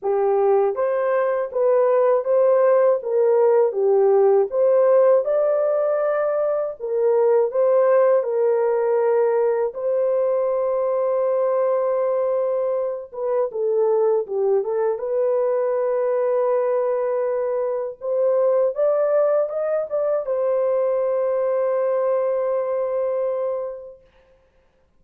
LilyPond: \new Staff \with { instrumentName = "horn" } { \time 4/4 \tempo 4 = 80 g'4 c''4 b'4 c''4 | ais'4 g'4 c''4 d''4~ | d''4 ais'4 c''4 ais'4~ | ais'4 c''2.~ |
c''4. b'8 a'4 g'8 a'8 | b'1 | c''4 d''4 dis''8 d''8 c''4~ | c''1 | }